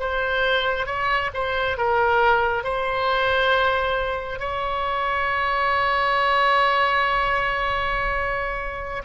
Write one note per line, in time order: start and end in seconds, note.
0.00 0.86 C5
0.86 1.30 C#5
1.34 1.78 C5
1.78 2.64 A#4
2.64 4.40 C5
4.40 9.03 C#5